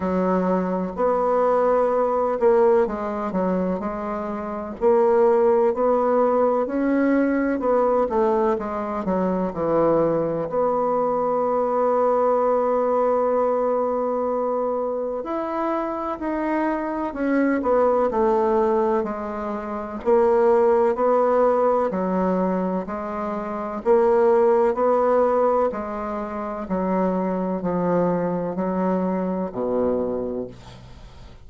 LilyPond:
\new Staff \with { instrumentName = "bassoon" } { \time 4/4 \tempo 4 = 63 fis4 b4. ais8 gis8 fis8 | gis4 ais4 b4 cis'4 | b8 a8 gis8 fis8 e4 b4~ | b1 |
e'4 dis'4 cis'8 b8 a4 | gis4 ais4 b4 fis4 | gis4 ais4 b4 gis4 | fis4 f4 fis4 b,4 | }